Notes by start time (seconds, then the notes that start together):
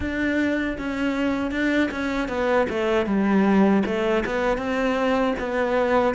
0.00 D4
0.77 C#4
1.51 D4
1.91 C#4
2.28 B3
2.69 A3
3.06 G3
3.85 A3
4.25 B3
4.57 C4
5.39 B3